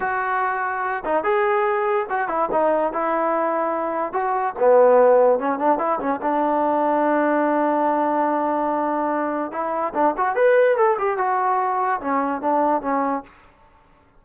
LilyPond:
\new Staff \with { instrumentName = "trombone" } { \time 4/4 \tempo 4 = 145 fis'2~ fis'8 dis'8 gis'4~ | gis'4 fis'8 e'8 dis'4 e'4~ | e'2 fis'4 b4~ | b4 cis'8 d'8 e'8 cis'8 d'4~ |
d'1~ | d'2. e'4 | d'8 fis'8 b'4 a'8 g'8 fis'4~ | fis'4 cis'4 d'4 cis'4 | }